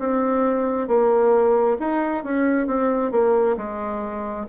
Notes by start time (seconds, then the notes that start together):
0.00 C4
0.88 A#3
1.80 D#4
2.24 C#4
2.67 C4
3.12 A#3
3.58 G#3